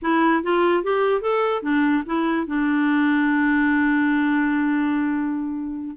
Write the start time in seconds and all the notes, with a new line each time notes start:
0.01 E4
0.43 F4
0.83 G4
1.21 A4
1.62 D4
2.05 E4
2.47 D4